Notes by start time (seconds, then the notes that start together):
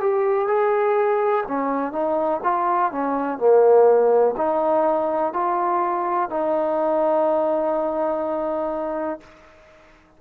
0.00 G4
0.48 G#4
1.47 C#4
1.92 D#4
2.44 F4
2.92 C#4
3.38 A#3
4.37 D#4
5.33 F4
6.30 D#4